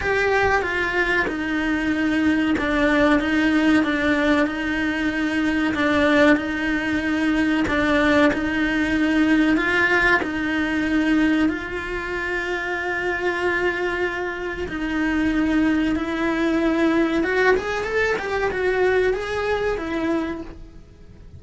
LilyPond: \new Staff \with { instrumentName = "cello" } { \time 4/4 \tempo 4 = 94 g'4 f'4 dis'2 | d'4 dis'4 d'4 dis'4~ | dis'4 d'4 dis'2 | d'4 dis'2 f'4 |
dis'2 f'2~ | f'2. dis'4~ | dis'4 e'2 fis'8 gis'8 | a'8 g'8 fis'4 gis'4 e'4 | }